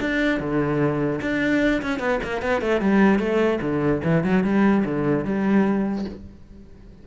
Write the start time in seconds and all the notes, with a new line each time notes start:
0.00 D4
0.39 D3
1.21 D4
1.82 C#4
1.99 B3
2.23 A#3
2.41 B3
2.61 A3
2.81 G3
3.19 A3
3.61 D3
4.04 E3
4.24 F#3
4.43 G3
4.85 D3
5.24 G3